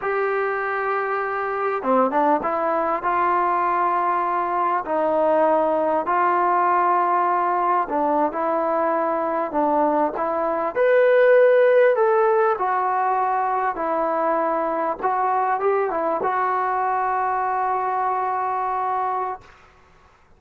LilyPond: \new Staff \with { instrumentName = "trombone" } { \time 4/4 \tempo 4 = 99 g'2. c'8 d'8 | e'4 f'2. | dis'2 f'2~ | f'4 d'8. e'2 d'16~ |
d'8. e'4 b'2 a'16~ | a'8. fis'2 e'4~ e'16~ | e'8. fis'4 g'8 e'8 fis'4~ fis'16~ | fis'1 | }